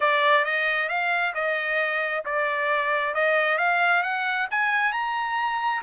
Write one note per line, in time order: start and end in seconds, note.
0.00 0.44 D5
0.44 0.88 D#5
0.88 1.33 F5
1.34 2.23 D#5
2.25 3.14 D5
3.14 3.57 D#5
3.57 4.02 F5
4.02 4.47 F#5
4.50 4.92 G#5
4.92 5.82 A#5